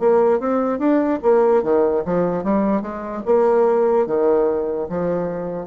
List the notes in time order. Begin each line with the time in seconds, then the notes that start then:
0.00 A#3
0.40 C4
0.79 D4
1.23 A#3
1.63 D#3
2.06 F3
2.44 G3
2.82 G#3
3.26 A#3
4.07 D#3
4.89 F3